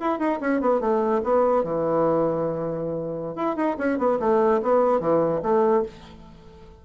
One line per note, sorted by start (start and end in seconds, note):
0.00 0.19 E4
0.19 0.39 D#4
0.40 0.61 C#4
0.61 0.80 B3
0.80 1.21 A3
1.23 1.63 B3
1.63 3.36 E3
3.36 3.56 E4
3.56 3.76 D#4
3.78 3.99 C#4
3.99 4.19 B3
4.20 4.61 A3
4.63 5.00 B3
5.00 5.41 E3
5.42 5.84 A3